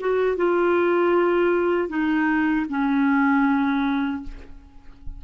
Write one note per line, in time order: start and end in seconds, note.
0.00 0.37 F#4
0.37 1.89 F4
1.89 2.66 D#4
2.69 4.23 C#4